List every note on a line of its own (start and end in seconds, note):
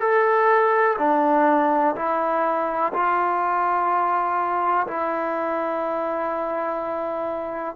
0.00 0.97 A4
0.98 1.95 D4
1.96 2.93 E4
2.93 4.87 F4
4.87 7.76 E4